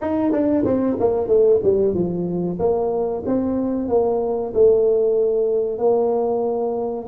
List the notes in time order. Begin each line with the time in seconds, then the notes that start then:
0.01 D#4
0.32 D4
0.64 C4
0.99 A#3
1.27 A3
1.63 G3
1.94 F3
2.59 A#3
3.26 C4
3.88 A#3
4.54 A3
5.78 A#3